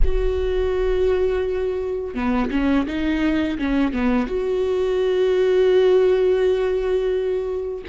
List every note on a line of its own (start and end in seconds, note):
0.04 2.14 F#4
2.14 2.50 B3
2.50 2.86 C#4
2.86 3.58 D#4
3.58 3.92 C#4
3.92 4.26 B3
4.26 7.83 F#4